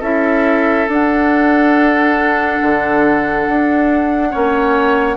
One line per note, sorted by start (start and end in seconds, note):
0.00 0.87 C#4
0.00 0.88 E4
0.00 4.29 A4
0.00 0.89 E5
0.89 2.60 D4
0.89 4.31 D4
0.89 5.17 F#5
2.62 3.47 D3
3.48 4.34 D4
4.31 5.17 A#3
4.31 5.17 C#4
4.31 5.17 C#5